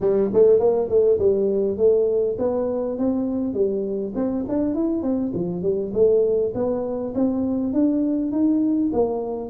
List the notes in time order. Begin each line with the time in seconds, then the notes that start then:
0.00 G3
0.33 A3
0.59 A#3
0.88 A3
1.19 G3
1.77 A3
2.38 B3
2.98 C4
3.53 G3
4.15 C4
4.48 D4
4.74 E4
5.02 C4
5.33 F3
5.62 G3
5.93 A3
6.54 B3
7.14 C4
7.73 D4
8.31 D#4
8.92 A#3